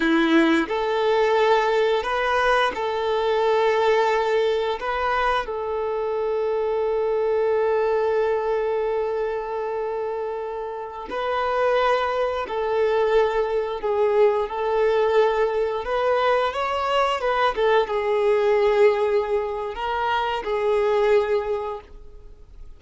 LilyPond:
\new Staff \with { instrumentName = "violin" } { \time 4/4 \tempo 4 = 88 e'4 a'2 b'4 | a'2. b'4 | a'1~ | a'1~ |
a'16 b'2 a'4.~ a'16~ | a'16 gis'4 a'2 b'8.~ | b'16 cis''4 b'8 a'8 gis'4.~ gis'16~ | gis'4 ais'4 gis'2 | }